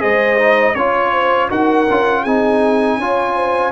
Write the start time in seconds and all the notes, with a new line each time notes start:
0.00 G#3 G#4 C5 D#5
0.39 D#4
0.75 C#4 F4 C#5
1.12 C5
1.50 D#4 F#4 A#4 F#5
1.90 C#4 F4
2.23 C4 D#4 G#4 G#5
2.98 C#4 F4 C#5
3.35 C5